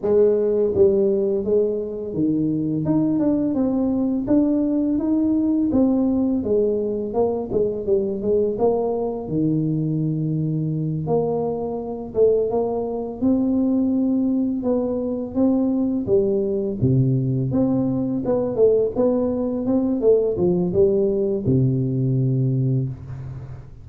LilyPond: \new Staff \with { instrumentName = "tuba" } { \time 4/4 \tempo 4 = 84 gis4 g4 gis4 dis4 | dis'8 d'8 c'4 d'4 dis'4 | c'4 gis4 ais8 gis8 g8 gis8 | ais4 dis2~ dis8 ais8~ |
ais4 a8 ais4 c'4.~ | c'8 b4 c'4 g4 c8~ | c8 c'4 b8 a8 b4 c'8 | a8 f8 g4 c2 | }